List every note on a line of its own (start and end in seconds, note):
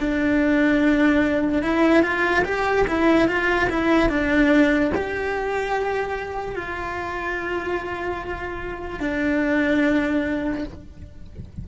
0.00 1.62 D4
1.62 2.02 E4
2.02 2.44 F4
2.45 2.86 G4
2.87 3.28 E4
3.28 3.69 F4
3.69 4.09 E4
4.09 4.91 D4
4.94 6.55 G4
6.55 9.00 F4
9.00 10.64 D4